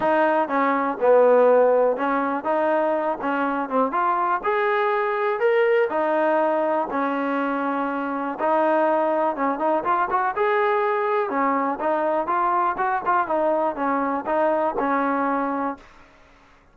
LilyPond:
\new Staff \with { instrumentName = "trombone" } { \time 4/4 \tempo 4 = 122 dis'4 cis'4 b2 | cis'4 dis'4. cis'4 c'8 | f'4 gis'2 ais'4 | dis'2 cis'2~ |
cis'4 dis'2 cis'8 dis'8 | f'8 fis'8 gis'2 cis'4 | dis'4 f'4 fis'8 f'8 dis'4 | cis'4 dis'4 cis'2 | }